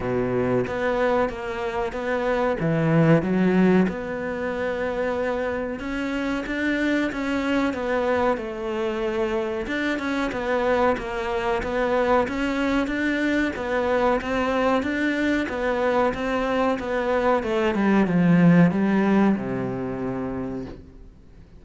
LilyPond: \new Staff \with { instrumentName = "cello" } { \time 4/4 \tempo 4 = 93 b,4 b4 ais4 b4 | e4 fis4 b2~ | b4 cis'4 d'4 cis'4 | b4 a2 d'8 cis'8 |
b4 ais4 b4 cis'4 | d'4 b4 c'4 d'4 | b4 c'4 b4 a8 g8 | f4 g4 c2 | }